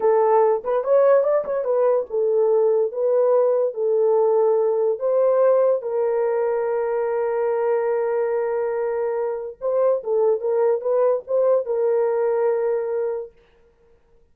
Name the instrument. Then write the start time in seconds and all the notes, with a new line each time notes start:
horn
0.00 A4
0.64 B4
0.84 C#5
1.23 D5
1.44 C#5
1.64 B4
2.09 A4
2.91 B4
3.74 A4
4.99 C5
5.82 A#4
9.61 C5
10.03 A4
10.40 A#4
10.81 B4
11.27 C5
11.65 A#4